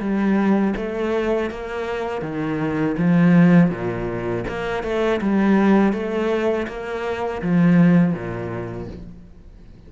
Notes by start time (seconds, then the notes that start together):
0.00 G3
0.76 A3
1.51 A#3
2.22 D#3
2.98 F3
3.70 A#2
4.48 A#3
4.84 A3
5.21 G3
5.93 A3
6.68 A#3
7.42 F3
8.13 A#2